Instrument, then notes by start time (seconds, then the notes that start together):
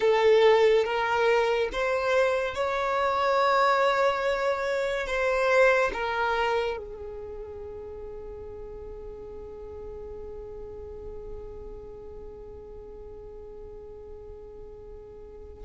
violin
0.00 A4
0.84 A#4
1.72 C5
2.54 C#5
5.06 C5
5.93 A#4
6.77 G#4